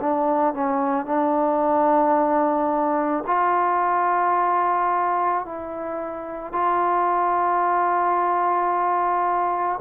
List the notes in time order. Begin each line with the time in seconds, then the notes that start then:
0.00 D4
0.54 C#4
1.06 D4
3.27 F4
5.45 E4
6.53 F4